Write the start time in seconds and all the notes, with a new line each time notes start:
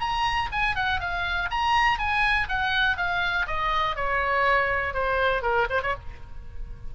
0.00 A#5
0.52 G#5
0.75 F#5
1.00 F5
1.50 A#5
1.98 G#5
2.48 F#5
2.97 F5
3.47 D#5
3.95 C#5
4.94 C5
5.42 A#4
5.69 C5
5.82 C#5